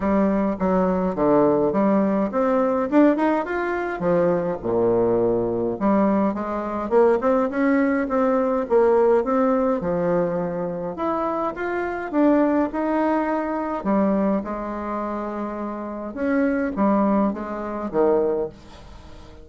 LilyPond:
\new Staff \with { instrumentName = "bassoon" } { \time 4/4 \tempo 4 = 104 g4 fis4 d4 g4 | c'4 d'8 dis'8 f'4 f4 | ais,2 g4 gis4 | ais8 c'8 cis'4 c'4 ais4 |
c'4 f2 e'4 | f'4 d'4 dis'2 | g4 gis2. | cis'4 g4 gis4 dis4 | }